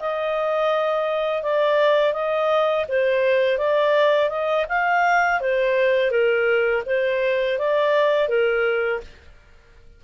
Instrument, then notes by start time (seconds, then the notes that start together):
clarinet
0.00 D#5
1.43 D5
2.14 D#5
2.89 C5
3.58 D5
4.30 D#5
4.69 F5
5.41 C5
6.11 A#4
6.86 C5
7.59 D5
8.29 A#4